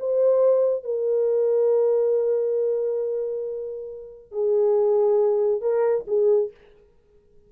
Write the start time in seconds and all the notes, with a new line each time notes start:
0.00 C5
0.85 A#4
4.32 G#4
5.62 A#4
6.08 G#4